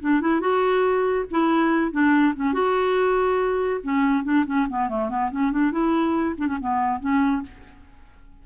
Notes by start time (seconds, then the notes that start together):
0.00 D4
0.20 E4
0.40 F#4
1.30 E4
1.91 D4
2.35 C#4
2.53 F#4
3.83 C#4
4.24 D4
4.46 C#4
4.69 B3
4.88 A3
5.09 B3
5.31 C#4
5.51 D4
5.71 E4
6.38 D4
6.47 C#4
6.60 B3
7.00 C#4